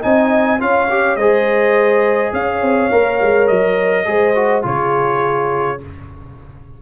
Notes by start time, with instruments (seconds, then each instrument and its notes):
0.00 tuba C4, trombone D#4, horn D#5, trumpet G#5
0.59 tuba C#4, trombone F4, horn C#5, trumpet F5
0.90 trombone G4
1.17 tuba G#3, trombone G#4, horn C5, trumpet D#5
2.33 tuba C#4, horn C#5, trumpet F5
2.62 tuba C4
2.91 tuba A#3, trombone A#4
3.22 tuba G#3
3.47 tuba F#3, trumpet D#5
4.05 tuba G#3, trombone G#4, horn C5
4.35 trombone F#4
4.63 tuba C#3, trombone F4, horn G#4, trumpet C#5